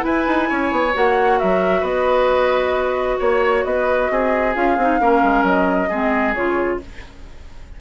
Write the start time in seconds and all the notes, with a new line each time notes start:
0.00 E4 B4 G#5
0.27 D#4
0.49 C#4 C#5
0.72 B3
0.94 A#3 F#4 F#5
1.39 F#3 A#4 E5
1.81 B3 B4 D#5
3.19 A#3 C#5
3.65 B3 B4 D#5
4.11 C4 G#4
4.55 C#4 F4 F5
4.77 C4 D#4
5.00 A#3 C#4 A#4
5.23 G#3
5.43 F#3 D#5
5.90 G#3 C4 G#4
6.35 C#3 F4 C#5